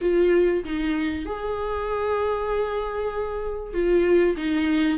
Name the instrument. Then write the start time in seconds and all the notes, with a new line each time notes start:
viola
0.01 F4
0.64 D#4
1.25 G#4
3.73 F4
4.37 D#4